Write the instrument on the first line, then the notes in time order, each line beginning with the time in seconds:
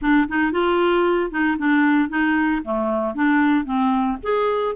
clarinet
0.01 D4
0.28 D#4
0.51 F4
1.30 D#4
1.58 D4
2.09 D#4
2.64 A3
3.14 D4
3.65 C4
4.22 G#4